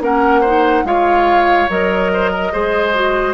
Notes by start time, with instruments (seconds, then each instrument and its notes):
0.00 bassoon A#3, clarinet C#4, oboe A#4, flute F#5
0.41 clarinet D#4, oboe C5
0.84 bassoon G#3, clarinet F4, oboe C#5, flute F5
1.69 bassoon F#3, clarinet A#4, flute D#5
2.13 oboe C5
2.31 oboe A#4
2.52 bassoon G#3, clarinet G#4, oboe C5
2.94 clarinet F#4